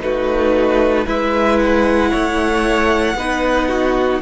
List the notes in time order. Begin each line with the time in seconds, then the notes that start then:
0.00 A3 D#4 F#4 B4
1.05 G#3 E4 B4 E5
1.59 F#5
2.11 A3 C#5
3.15 B3 D#4 B4
3.68 F#4